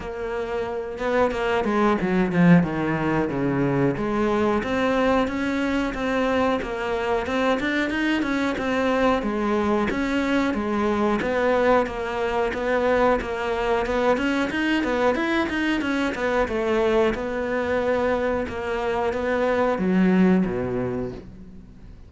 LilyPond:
\new Staff \with { instrumentName = "cello" } { \time 4/4 \tempo 4 = 91 ais4. b8 ais8 gis8 fis8 f8 | dis4 cis4 gis4 c'4 | cis'4 c'4 ais4 c'8 d'8 | dis'8 cis'8 c'4 gis4 cis'4 |
gis4 b4 ais4 b4 | ais4 b8 cis'8 dis'8 b8 e'8 dis'8 | cis'8 b8 a4 b2 | ais4 b4 fis4 b,4 | }